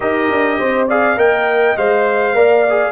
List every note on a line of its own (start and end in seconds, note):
0.00 0.30 D#4
0.00 0.87 G4
0.00 0.58 A#4
0.00 0.88 D#5
0.30 0.59 D4
0.58 1.17 C4
0.58 0.87 C5
0.87 1.16 G#4
0.87 1.16 D5
0.87 1.18 F5
1.16 1.76 A#3
1.16 1.75 A#4
1.16 2.34 D#5
1.16 1.77 G5
1.77 2.34 G#3
1.77 2.35 C5
1.77 2.92 F5
2.34 2.92 A#3
2.34 2.64 A#4
2.34 2.92 D5
2.69 2.92 G#4